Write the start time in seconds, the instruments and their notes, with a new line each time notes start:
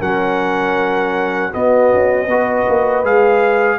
0.00 tuba F#3, trombone C#4, horn A#4, trumpet F#5
1.52 trombone B3, tuba B3, horn F#4, trumpet D#5
1.94 tuba C#4
2.27 tuba B3, trombone F#4, horn B4
2.69 tuba A#3
3.04 tuba G#3, trombone G#4, trumpet F5